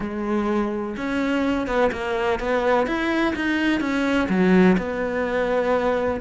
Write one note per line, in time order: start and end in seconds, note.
0.00 0.95 G#3
0.97 1.67 C#4
1.67 1.90 B3
1.92 2.39 A#3
2.39 2.86 B3
2.86 3.34 E4
3.35 3.80 D#4
3.80 4.27 C#4
4.29 4.77 F#3
4.77 6.20 B3